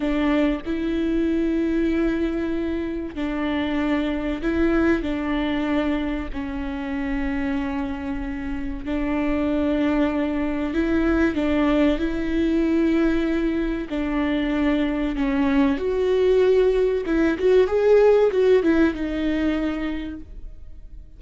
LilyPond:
\new Staff \with { instrumentName = "viola" } { \time 4/4 \tempo 4 = 95 d'4 e'2.~ | e'4 d'2 e'4 | d'2 cis'2~ | cis'2 d'2~ |
d'4 e'4 d'4 e'4~ | e'2 d'2 | cis'4 fis'2 e'8 fis'8 | gis'4 fis'8 e'8 dis'2 | }